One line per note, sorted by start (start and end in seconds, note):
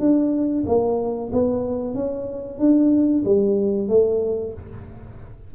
0.00 0.65 D4
0.66 1.31 A#3
1.33 1.95 B3
1.95 2.59 C#4
2.59 3.23 D4
3.25 3.89 G3
3.89 4.53 A3